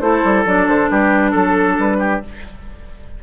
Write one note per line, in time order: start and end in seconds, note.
0.00 0.22 A3
0.00 0.45 E4
0.00 0.90 A4
0.00 0.44 C5
0.24 0.45 G3
0.45 0.68 F#3
0.45 2.22 D4
0.45 0.67 D5
0.67 0.90 D3
0.67 0.89 C5
0.89 1.34 G3
0.89 1.31 G4
0.89 1.33 B4
1.31 1.78 F#3
1.31 1.97 A4
1.31 1.78 A4
1.78 2.22 G3
1.78 2.23 B4
1.99 2.21 G4